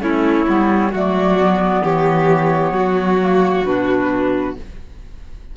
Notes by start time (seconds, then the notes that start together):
0.00 A3 C#4 E4 C#5
0.46 G3 B3
0.91 F#3 A3 F#4 D5
1.39 B3
1.82 E3 G4 C#5
2.71 F#3 F#4
3.21 A#3
3.64 B2 D4 B4